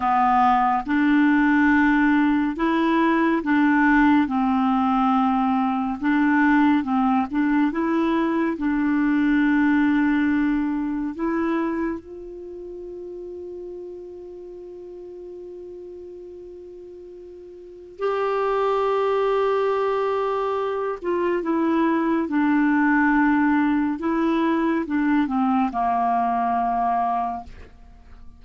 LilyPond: \new Staff \with { instrumentName = "clarinet" } { \time 4/4 \tempo 4 = 70 b4 d'2 e'4 | d'4 c'2 d'4 | c'8 d'8 e'4 d'2~ | d'4 e'4 f'2~ |
f'1~ | f'4 g'2.~ | g'8 f'8 e'4 d'2 | e'4 d'8 c'8 ais2 | }